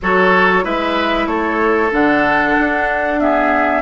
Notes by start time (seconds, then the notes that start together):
0.02 F#3 F#4 A4 C#5
0.63 G#3 E4 B4 E5
1.26 A3 A4 C#5
1.91 D3 D4 F#5
2.59 D4
3.19 B3 G#4 E5